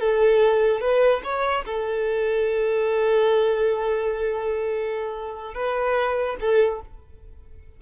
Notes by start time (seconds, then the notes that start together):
0.00 A4
0.80 B4
1.24 C#5
1.65 A4
5.54 B4
6.40 A4